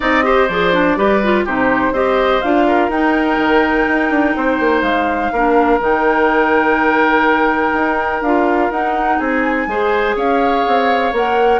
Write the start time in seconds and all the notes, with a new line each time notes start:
0.00 C4 D#4 D5 D#5
0.23 G4 C5
0.47 F3 G#4 D5
0.73 D4
0.96 G3 G4 B4
1.23 F4
1.44 C3 D#4 G4 C5
1.92 C4 G4 C5 D#5
2.41 D4 F4 F5
2.67 A#4
2.89 D#4 G5
3.38 D#3
3.87 D#4
4.10 D4
4.36 C4 C5
4.59 A#3
4.81 G#3 F5
5.32 A#3 D4 A#4
5.80 D#3 D#4 G5
7.73 D#4
8.21 D4 F4 F5
8.70 D#4 F#5
9.18 C4 G#4 G#5
9.67 G#3 G#4 C5
10.16 C#4 C#5 F5
10.67 C4
11.12 A#3 A#4 F#5